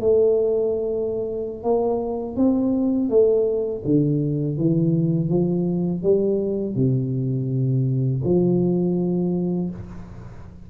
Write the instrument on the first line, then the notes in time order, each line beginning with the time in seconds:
tuba
0.00 A3
1.63 A#3
2.36 C4
3.09 A3
3.85 D3
4.57 E3
5.29 F3
6.03 G3
6.75 C3
8.24 F3